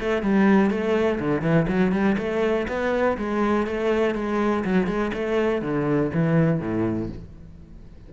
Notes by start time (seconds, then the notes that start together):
0.00 A3
0.23 G3
0.70 A3
1.20 D3
1.42 E3
1.68 F#3
1.92 G3
2.18 A3
2.68 B3
3.18 G#3
3.67 A3
4.15 G#3
4.65 F#3
4.87 G#3
5.13 A3
5.62 D3
6.14 E3
6.60 A2